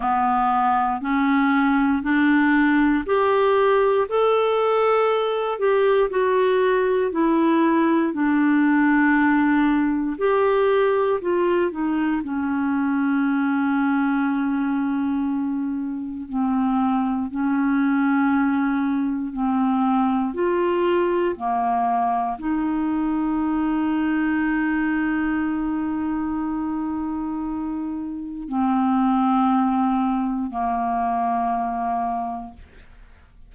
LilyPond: \new Staff \with { instrumentName = "clarinet" } { \time 4/4 \tempo 4 = 59 b4 cis'4 d'4 g'4 | a'4. g'8 fis'4 e'4 | d'2 g'4 f'8 dis'8 | cis'1 |
c'4 cis'2 c'4 | f'4 ais4 dis'2~ | dis'1 | c'2 ais2 | }